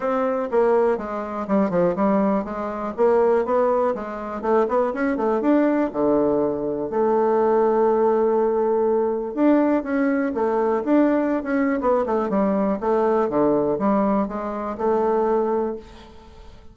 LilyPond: \new Staff \with { instrumentName = "bassoon" } { \time 4/4 \tempo 4 = 122 c'4 ais4 gis4 g8 f8 | g4 gis4 ais4 b4 | gis4 a8 b8 cis'8 a8 d'4 | d2 a2~ |
a2. d'4 | cis'4 a4 d'4~ d'16 cis'8. | b8 a8 g4 a4 d4 | g4 gis4 a2 | }